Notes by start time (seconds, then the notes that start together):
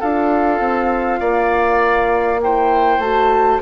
0.00 D4 F4 A4 F5
0.59 C4
1.20 A#3 D5
2.42 E4 C5 G5
2.98 A3 F#4 A5